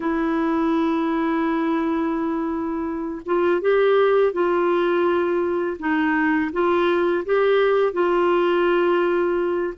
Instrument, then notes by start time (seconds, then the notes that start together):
clarinet
0.00 E4
3.25 F4
3.61 G4
4.32 F4
5.79 D#4
6.52 F4
7.25 G4
7.93 F4